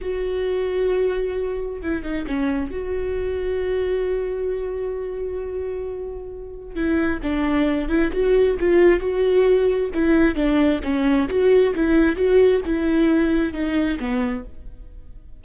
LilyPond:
\new Staff \with { instrumentName = "viola" } { \time 4/4 \tempo 4 = 133 fis'1 | e'8 dis'8 cis'4 fis'2~ | fis'1~ | fis'2. e'4 |
d'4. e'8 fis'4 f'4 | fis'2 e'4 d'4 | cis'4 fis'4 e'4 fis'4 | e'2 dis'4 b4 | }